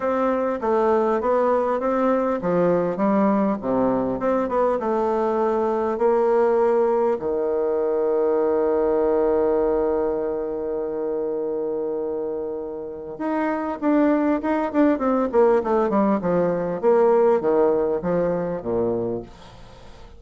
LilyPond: \new Staff \with { instrumentName = "bassoon" } { \time 4/4 \tempo 4 = 100 c'4 a4 b4 c'4 | f4 g4 c4 c'8 b8 | a2 ais2 | dis1~ |
dis1~ | dis2 dis'4 d'4 | dis'8 d'8 c'8 ais8 a8 g8 f4 | ais4 dis4 f4 ais,4 | }